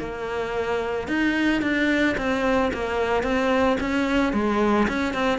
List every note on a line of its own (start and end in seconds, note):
0.00 1.08 A#3
1.08 1.62 D#4
1.62 2.16 D4
2.18 2.72 C4
2.74 3.24 A#3
3.24 3.78 C4
3.81 4.33 C#4
4.33 4.87 G#3
4.88 5.14 C#4
5.14 5.39 C4